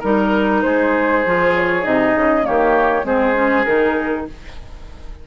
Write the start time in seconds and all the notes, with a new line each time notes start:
0.00 G3 D#4 A#4
0.62 G#3 G#4 C5
1.26 F3 F4
1.55 C#5
1.82 C3 D#4 D#5
2.16 C#3
2.42 D#3 A#3 G4 C#5
3.04 G#3 C4 G#4 C5
3.34 C#4
3.65 D#3 D#4 A#4